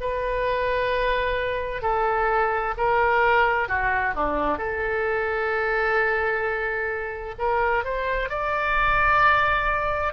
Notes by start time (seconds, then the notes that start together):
0.00 B4
1.82 A4
2.77 A#4
3.68 F#4
4.14 D4
4.58 A4
7.38 A#4
7.84 C5
8.29 D5